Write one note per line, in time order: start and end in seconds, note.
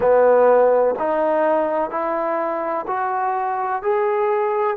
0.00 0.95 B3
0.98 1.90 D#4
1.90 2.85 E4
2.87 3.82 F#4
3.82 4.76 G#4